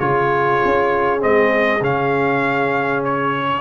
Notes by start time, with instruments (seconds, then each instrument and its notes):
0.00 tuba C#3, trombone F4, horn G#4, trumpet C#5
0.64 tuba C#4
1.19 tuba G#3, trombone C4, trumpet D#5
1.81 tuba C#3, trombone C#4, trumpet F5
3.04 trumpet C#5